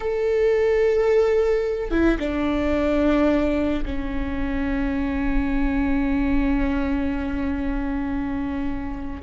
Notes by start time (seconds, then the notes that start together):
0.00 A4
1.90 E4
2.19 D4
3.85 C#4